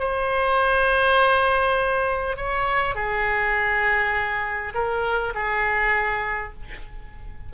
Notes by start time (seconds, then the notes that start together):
0.00 C5
2.37 C#5
2.96 G#4
4.75 A#4
5.35 G#4